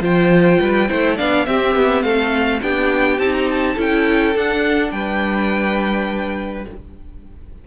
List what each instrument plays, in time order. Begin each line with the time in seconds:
0.00 cello F3, viola F4, violin C5 G5
0.60 cello G3, violin B4
0.88 cello A3, viola E4, violin C5
1.16 cello B3, viola D4, violin D5 F5
1.45 viola C4, cello C4, violin G4 E5
1.75 cello B3
2.02 cello A3, violin A4 F5
2.61 cello B3, viola D4, violin G4 G5
3.18 cello C4, viola D#4, violin A5
3.33 violin A#5
3.49 violin A5
3.75 cello C#4, viola E4, violin A4 G5
4.34 viola D4, cello D4, violin F#5
4.91 cello G3, violin B4 G5